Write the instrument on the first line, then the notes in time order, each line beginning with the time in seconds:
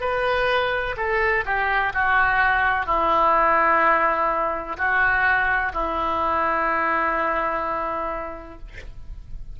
oboe
0.00 B4
0.96 A4
1.45 G4
1.94 F#4
2.86 E4
4.77 F#4
5.73 E4